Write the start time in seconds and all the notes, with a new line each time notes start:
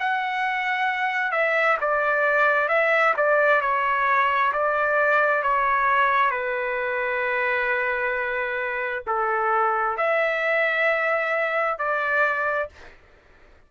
0.00 F#5
1.32 E5
1.81 D5
2.69 E5
3.17 D5
3.62 C#5
4.53 D5
5.43 C#5
6.31 B4
9.07 A4
9.98 E5
11.79 D5